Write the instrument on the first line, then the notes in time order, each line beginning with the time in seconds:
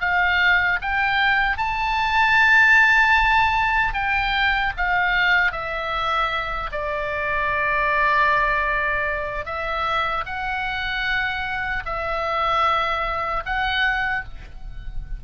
oboe
0.00 F5
0.81 G5
1.57 A5
3.93 G5
4.77 F5
5.52 E5
6.71 D5
9.45 E5
10.25 F#5
11.85 E5
13.45 F#5